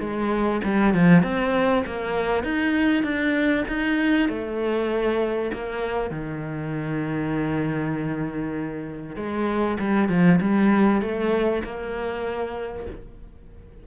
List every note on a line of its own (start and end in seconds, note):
0.00 0.61 G#3
0.64 0.94 G3
0.94 1.23 F3
1.23 1.84 C4
1.86 2.44 A#3
2.44 3.03 D#4
3.03 3.65 D4
3.68 4.29 D#4
4.29 5.51 A3
5.53 6.11 A#3
6.11 9.16 D#3
9.16 9.78 G#3
9.80 10.09 G3
10.09 10.39 F3
10.41 11.02 G3
11.02 11.63 A3
11.64 12.87 A#3